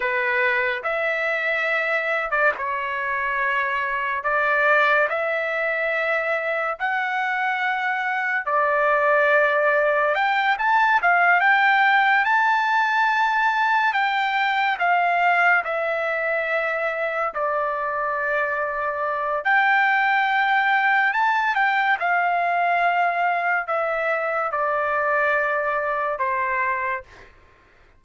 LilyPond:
\new Staff \with { instrumentName = "trumpet" } { \time 4/4 \tempo 4 = 71 b'4 e''4.~ e''16 d''16 cis''4~ | cis''4 d''4 e''2 | fis''2 d''2 | g''8 a''8 f''8 g''4 a''4.~ |
a''8 g''4 f''4 e''4.~ | e''8 d''2~ d''8 g''4~ | g''4 a''8 g''8 f''2 | e''4 d''2 c''4 | }